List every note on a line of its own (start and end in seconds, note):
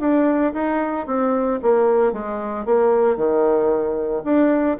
0.00 0.53 D4
0.54 1.07 D#4
1.07 1.60 C4
1.62 2.13 A#3
2.13 2.65 G#3
2.65 3.16 A#3
3.16 4.23 D#3
4.24 4.77 D4